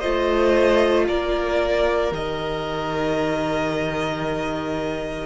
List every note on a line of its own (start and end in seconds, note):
0.00 1.09 A3
0.00 2.10 F4
0.00 1.05 C5
0.00 1.05 D#5
1.08 2.12 A#3
1.08 5.26 A#4
1.08 2.13 D5
2.10 5.26 D#3
2.10 5.26 G4
2.10 5.26 D#5